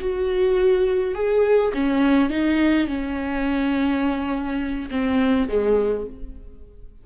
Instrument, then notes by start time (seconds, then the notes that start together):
viola
0.00 F#4
1.15 G#4
1.74 C#4
2.30 D#4
2.87 C#4
4.91 C4
5.49 G#3